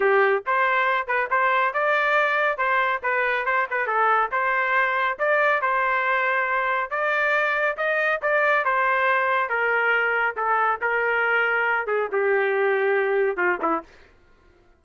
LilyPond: \new Staff \with { instrumentName = "trumpet" } { \time 4/4 \tempo 4 = 139 g'4 c''4. b'8 c''4 | d''2 c''4 b'4 | c''8 b'8 a'4 c''2 | d''4 c''2. |
d''2 dis''4 d''4 | c''2 ais'2 | a'4 ais'2~ ais'8 gis'8 | g'2. f'8 e'8 | }